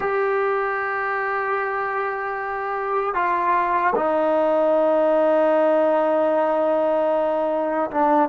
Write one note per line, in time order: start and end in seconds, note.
0.00 3.14 G4
3.14 3.93 F4
3.95 7.90 D#4
7.91 8.29 D4